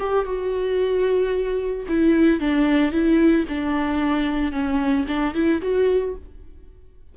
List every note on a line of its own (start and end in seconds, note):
0.00 0.26 G4
0.26 1.87 F#4
1.89 2.40 E4
2.40 2.92 D4
2.92 3.46 E4
3.49 4.52 D4
4.52 5.06 C#4
5.08 5.35 D4
5.35 5.62 E4
5.62 6.16 F#4